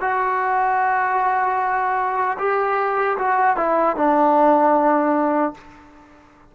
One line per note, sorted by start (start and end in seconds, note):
0.00 2.37 F#4
2.38 3.17 G4
3.18 3.56 F#4
3.56 3.96 E4
3.96 5.54 D4